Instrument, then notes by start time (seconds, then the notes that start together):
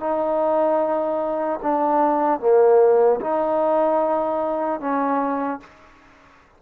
trombone
0.00 D#4
1.63 D4
2.40 A#3
3.21 D#4
4.80 C#4